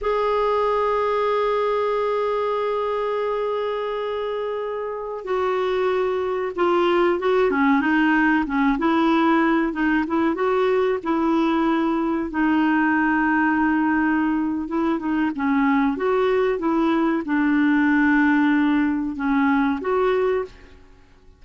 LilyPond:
\new Staff \with { instrumentName = "clarinet" } { \time 4/4 \tempo 4 = 94 gis'1~ | gis'1~ | gis'16 fis'2 f'4 fis'8 cis'16~ | cis'16 dis'4 cis'8 e'4. dis'8 e'16~ |
e'16 fis'4 e'2 dis'8.~ | dis'2. e'8 dis'8 | cis'4 fis'4 e'4 d'4~ | d'2 cis'4 fis'4 | }